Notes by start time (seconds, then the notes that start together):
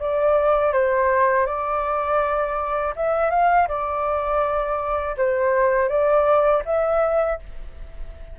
0.00 D5
0.73 C5
1.46 D5
2.97 E5
3.31 F5
3.68 D5
5.18 C5
5.89 D5
6.65 E5